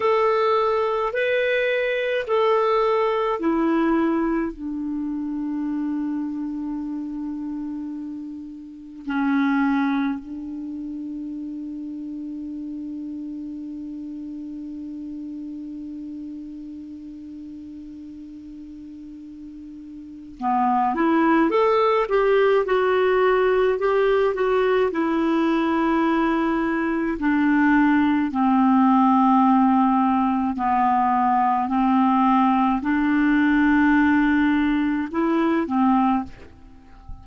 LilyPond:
\new Staff \with { instrumentName = "clarinet" } { \time 4/4 \tempo 4 = 53 a'4 b'4 a'4 e'4 | d'1 | cis'4 d'2.~ | d'1~ |
d'2 b8 e'8 a'8 g'8 | fis'4 g'8 fis'8 e'2 | d'4 c'2 b4 | c'4 d'2 e'8 c'8 | }